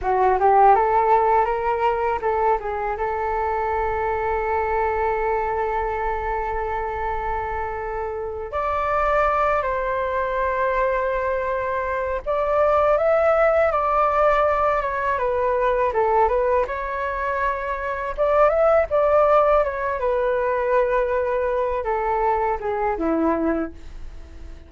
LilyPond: \new Staff \with { instrumentName = "flute" } { \time 4/4 \tempo 4 = 81 fis'8 g'8 a'4 ais'4 a'8 gis'8 | a'1~ | a'2.~ a'8 d''8~ | d''4 c''2.~ |
c''8 d''4 e''4 d''4. | cis''8 b'4 a'8 b'8 cis''4.~ | cis''8 d''8 e''8 d''4 cis''8 b'4~ | b'4. a'4 gis'8 e'4 | }